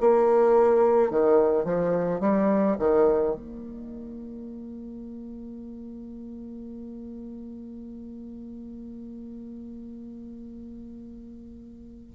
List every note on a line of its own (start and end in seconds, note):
0.00 1.10 A#3
1.10 1.64 D#3
1.64 2.20 F3
2.20 2.76 G3
2.79 3.34 D#3
3.34 12.12 A#3